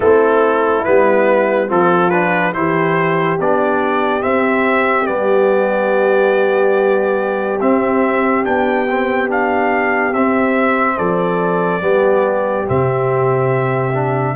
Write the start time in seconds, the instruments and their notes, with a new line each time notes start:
0.00 tuba A3, trombone C4, horn E4, trumpet A4
0.84 tuba G3, trombone B3, trumpet B4
1.68 tuba F3, trombone C4, horn F4, trumpet A4
2.10 trombone D4, trumpet B4
2.53 tuba E3, trombone E4, horn G4, trumpet C5
3.39 tuba B3, trombone D4, trumpet D5
4.21 trombone C4, tuba C4, trumpet E5
5.05 tuba G3, trombone B3, trumpet D5
7.60 tuba C4, trombone C4, trumpet E5
8.44 tuba B3, trombone D4, trumpet G5
8.90 trombone C4
9.28 trombone D4, trumpet F5
10.13 tuba C4, trombone C4, trumpet E5
10.97 tuba F3, horn A4, trumpet D5
11.81 tuba G3, trombone B3, horn G4
12.65 tuba C3, trombone C4, trumpet E5
13.93 trombone D4